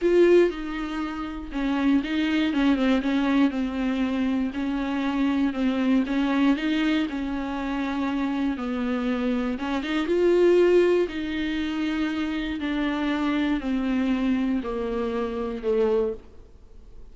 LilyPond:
\new Staff \with { instrumentName = "viola" } { \time 4/4 \tempo 4 = 119 f'4 dis'2 cis'4 | dis'4 cis'8 c'8 cis'4 c'4~ | c'4 cis'2 c'4 | cis'4 dis'4 cis'2~ |
cis'4 b2 cis'8 dis'8 | f'2 dis'2~ | dis'4 d'2 c'4~ | c'4 ais2 a4 | }